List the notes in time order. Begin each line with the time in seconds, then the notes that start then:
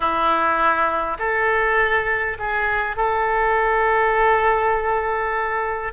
0.00 E4
1.19 A4
2.38 G#4
2.96 A4